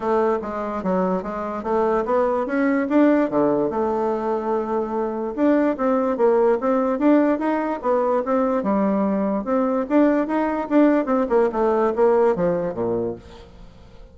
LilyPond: \new Staff \with { instrumentName = "bassoon" } { \time 4/4 \tempo 4 = 146 a4 gis4 fis4 gis4 | a4 b4 cis'4 d'4 | d4 a2.~ | a4 d'4 c'4 ais4 |
c'4 d'4 dis'4 b4 | c'4 g2 c'4 | d'4 dis'4 d'4 c'8 ais8 | a4 ais4 f4 ais,4 | }